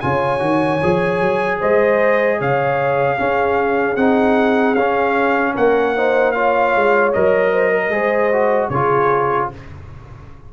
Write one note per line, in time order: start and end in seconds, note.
0.00 0.40 C#3
0.00 0.39 F4
0.00 1.59 C#5
0.00 1.58 G#5
0.39 0.80 D#3
0.39 0.78 F#4
0.82 1.21 F3
0.82 3.17 G#4
1.21 1.60 F#3
1.59 2.40 G#3
1.59 2.38 C5
1.59 2.40 D#5
2.38 3.19 C#3
2.38 3.17 C#5
2.38 3.96 F5
3.17 3.96 C#4
3.17 5.53 G#4
3.96 4.74 C4
3.96 4.76 D#4
3.96 4.74 F#5
4.74 5.53 C#4
4.74 5.96 C#4
4.74 5.53 F5
5.53 6.75 A#3
5.53 5.93 A#4
5.53 6.32 F#5
5.95 6.34 D#4
5.95 6.34 C5
6.32 7.13 F4
6.32 7.52 C#5
6.32 7.11 F5
6.75 7.14 G#3
7.13 7.89 F#3
7.13 7.91 A#4
7.13 8.69 D#5
7.52 7.70 C5
7.70 7.90 A#4
7.89 8.68 G#3
7.89 8.31 G#4
7.89 8.69 C5
8.32 8.72 F#4
8.69 9.48 C#3
8.69 9.52 F4
8.69 9.48 G#4
8.69 9.48 C#5